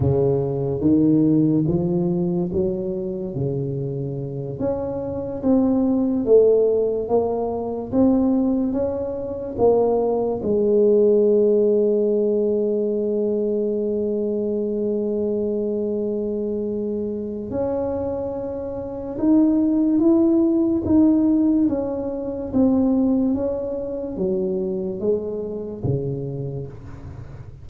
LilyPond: \new Staff \with { instrumentName = "tuba" } { \time 4/4 \tempo 4 = 72 cis4 dis4 f4 fis4 | cis4. cis'4 c'4 a8~ | a8 ais4 c'4 cis'4 ais8~ | ais8 gis2.~ gis8~ |
gis1~ | gis4 cis'2 dis'4 | e'4 dis'4 cis'4 c'4 | cis'4 fis4 gis4 cis4 | }